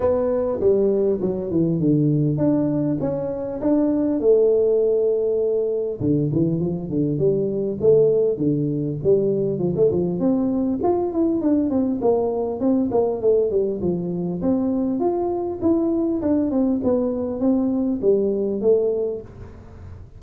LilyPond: \new Staff \with { instrumentName = "tuba" } { \time 4/4 \tempo 4 = 100 b4 g4 fis8 e8 d4 | d'4 cis'4 d'4 a4~ | a2 d8 e8 f8 d8 | g4 a4 d4 g4 |
f16 a16 f8 c'4 f'8 e'8 d'8 c'8 | ais4 c'8 ais8 a8 g8 f4 | c'4 f'4 e'4 d'8 c'8 | b4 c'4 g4 a4 | }